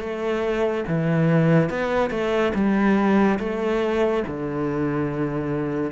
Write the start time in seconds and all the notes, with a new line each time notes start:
0.00 A3
0.88 E3
1.70 B3
2.11 A3
2.55 G3
3.40 A3
4.28 D3